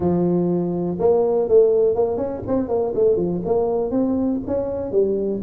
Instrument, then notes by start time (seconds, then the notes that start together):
tuba
0.00 F3
0.99 A#3
1.48 A3
1.95 A#3
2.17 C#4
2.47 C4
2.68 A#3
2.94 A3
3.16 F3
3.45 A#3
3.91 C4
4.47 C#4
4.91 G3